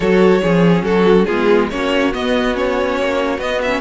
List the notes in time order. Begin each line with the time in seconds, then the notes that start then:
0.00 F#3 F#4 A4 C#5
0.42 F3 C#4 G#4
0.82 F#3 F#4 A4
1.25 G#3 B3 F4 G#4
1.70 A#3 C#4 F#4 C#5
2.12 B3 D#5
2.53 C#4 C#5
2.99 A#3
3.38 B3 D#5
3.61 C#4 E5